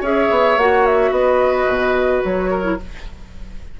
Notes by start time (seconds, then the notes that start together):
0.00 C#4 G#4 C#5 E5
0.30 B3
0.57 A#3 F#4 F#5
0.86 E5
1.10 B3 B4 D#5
1.67 B2
2.24 F#3 C#5
2.50 A#4
2.63 E4